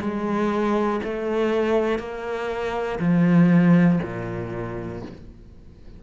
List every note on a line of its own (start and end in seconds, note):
0.00 1.00 G#3
1.04 1.99 A3
1.99 2.99 A#3
2.99 3.99 F3
4.02 5.02 A#2